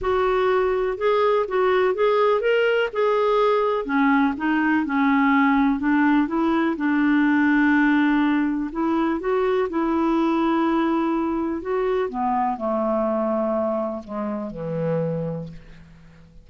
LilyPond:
\new Staff \with { instrumentName = "clarinet" } { \time 4/4 \tempo 4 = 124 fis'2 gis'4 fis'4 | gis'4 ais'4 gis'2 | cis'4 dis'4 cis'2 | d'4 e'4 d'2~ |
d'2 e'4 fis'4 | e'1 | fis'4 b4 a2~ | a4 gis4 e2 | }